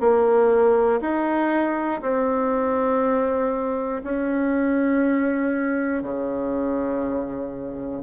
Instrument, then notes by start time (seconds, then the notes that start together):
bassoon
0.00 A#3
1.01 D#4
2.02 C4
4.03 C#4
6.02 C#3